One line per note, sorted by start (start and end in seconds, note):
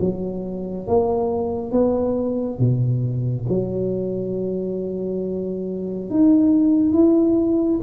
0.00 0.87 F#3
0.87 1.72 A#3
1.72 2.59 B3
2.59 3.46 B2
3.49 6.10 F#3
6.10 6.93 D#4
6.93 7.80 E4